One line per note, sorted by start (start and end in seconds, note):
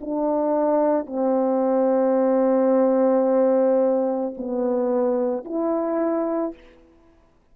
0.00 1.06 D4
1.06 4.33 C4
4.37 5.44 B3
5.44 6.54 E4